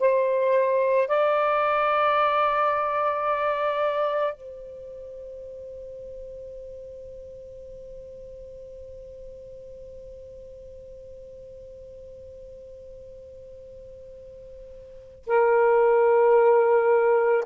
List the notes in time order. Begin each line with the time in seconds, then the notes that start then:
0.00 C5
1.08 D5
4.34 C5
15.27 A#4